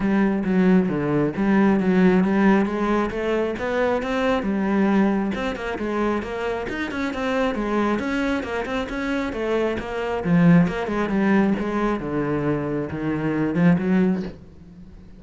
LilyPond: \new Staff \with { instrumentName = "cello" } { \time 4/4 \tempo 4 = 135 g4 fis4 d4 g4 | fis4 g4 gis4 a4 | b4 c'4 g2 | c'8 ais8 gis4 ais4 dis'8 cis'8 |
c'4 gis4 cis'4 ais8 c'8 | cis'4 a4 ais4 f4 | ais8 gis8 g4 gis4 d4~ | d4 dis4. f8 fis4 | }